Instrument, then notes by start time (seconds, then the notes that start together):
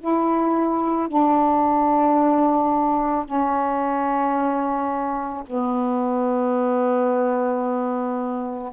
saxophone
0.00 E4
1.08 D4
3.25 C#4
5.47 B3